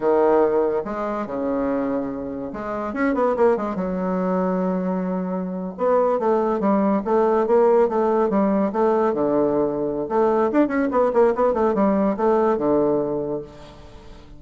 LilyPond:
\new Staff \with { instrumentName = "bassoon" } { \time 4/4 \tempo 4 = 143 dis2 gis4 cis4~ | cis2 gis4 cis'8 b8 | ais8 gis8 fis2.~ | fis4.~ fis16 b4 a4 g16~ |
g8. a4 ais4 a4 g16~ | g8. a4 d2~ d16 | a4 d'8 cis'8 b8 ais8 b8 a8 | g4 a4 d2 | }